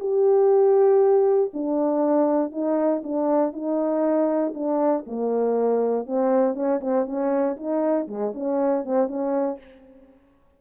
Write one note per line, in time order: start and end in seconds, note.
0.00 1.51 G4
1.54 2.52 D4
2.52 3.03 D#4
3.04 3.53 D4
3.53 4.54 D#4
4.54 5.05 D4
5.07 6.06 A#3
6.06 6.55 C4
6.55 6.80 C#4
6.81 7.06 C4
7.06 7.57 C#4
7.57 8.07 D#4
8.08 8.33 G#3
8.34 8.85 C#4
8.85 9.08 C4
9.08 9.58 C#4